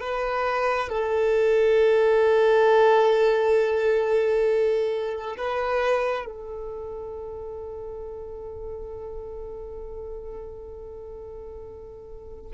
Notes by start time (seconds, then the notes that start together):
0.00 B4
0.88 A4
5.37 B4
6.25 A4